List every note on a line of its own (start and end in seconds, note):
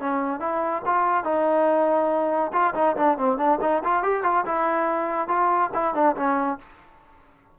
0.00 0.40 C#4
0.40 0.83 E4
0.86 1.24 F4
1.24 2.52 D#4
2.53 2.74 F4
2.75 2.96 D#4
2.97 3.18 D4
3.18 3.38 C4
3.38 3.59 D4
3.62 3.83 D#4
3.84 4.03 F4
4.03 4.23 G4
4.23 4.45 F4
4.46 5.28 E4
5.28 5.71 F4
5.74 5.94 E4
5.94 6.16 D4
6.16 6.59 C#4